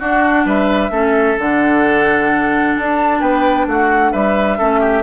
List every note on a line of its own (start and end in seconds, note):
0.00 0.92 D4
0.00 0.46 D4
0.00 0.46 F#4
0.00 0.47 F#5
0.46 0.91 G3
0.46 0.92 B4
0.46 1.40 E5
0.91 1.36 A3
0.91 1.38 C#4
0.91 3.21 A4
1.38 2.77 D3
1.38 4.59 D4
1.38 2.77 F#5
2.77 3.21 D4
2.77 3.21 A5
3.21 3.67 B3
3.21 3.66 B4
3.21 3.67 G5
3.67 4.13 A3
3.67 4.13 F#4
3.67 4.13 F#5
4.13 4.60 G3
4.13 4.58 B4
4.13 5.03 E5
4.58 5.03 A3
4.58 5.03 C#4
4.58 4.80 A4
4.80 5.03 G4